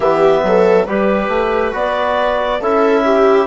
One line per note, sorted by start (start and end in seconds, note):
0.00 0.42 E3
0.00 0.87 B3
0.00 0.41 G4
0.00 0.87 E5
0.43 0.86 F#3
0.43 0.85 A4
0.85 1.28 G3
0.85 1.72 G4
0.85 2.59 B4
0.85 1.75 B4
1.28 1.72 A3
1.72 2.60 B3
1.72 2.59 F#4
1.72 2.61 D5
2.60 3.47 C#4
2.60 3.47 E4
2.60 3.03 A4
2.60 3.47 E5
3.04 3.47 G4